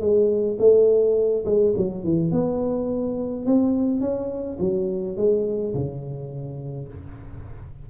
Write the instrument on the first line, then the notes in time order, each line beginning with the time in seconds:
tuba
0.00 G#3
0.59 A3
1.45 G#3
1.77 F#3
2.04 E3
2.31 B3
3.46 C4
4.01 C#4
4.59 F#3
5.16 G#3
5.74 C#3